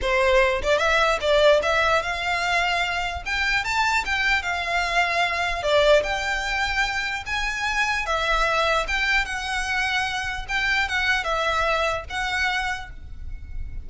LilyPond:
\new Staff \with { instrumentName = "violin" } { \time 4/4 \tempo 4 = 149 c''4. d''8 e''4 d''4 | e''4 f''2. | g''4 a''4 g''4 f''4~ | f''2 d''4 g''4~ |
g''2 gis''2 | e''2 g''4 fis''4~ | fis''2 g''4 fis''4 | e''2 fis''2 | }